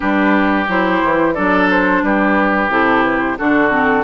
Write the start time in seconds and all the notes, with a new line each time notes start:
0.00 G3 D4 G4 B4
0.68 F#3 E4 C5
1.03 E3
1.33 F#3 D4 A4 D5
1.70 C5
2.02 G3 G4 B4
2.68 C3 E4 A4
3.03 B4
3.19 C5
3.37 D3 D4 F#4 A4
3.70 C4